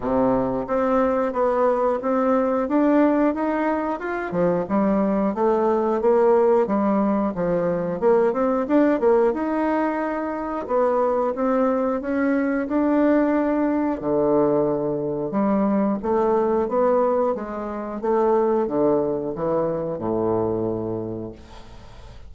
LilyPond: \new Staff \with { instrumentName = "bassoon" } { \time 4/4 \tempo 4 = 90 c4 c'4 b4 c'4 | d'4 dis'4 f'8 f8 g4 | a4 ais4 g4 f4 | ais8 c'8 d'8 ais8 dis'2 |
b4 c'4 cis'4 d'4~ | d'4 d2 g4 | a4 b4 gis4 a4 | d4 e4 a,2 | }